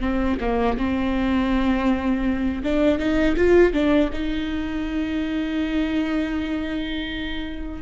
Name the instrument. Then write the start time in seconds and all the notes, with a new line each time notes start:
viola
0.00 C4
0.40 A#3
0.78 C4
2.63 D4
2.99 D#4
3.36 F4
3.73 D4
4.12 D#4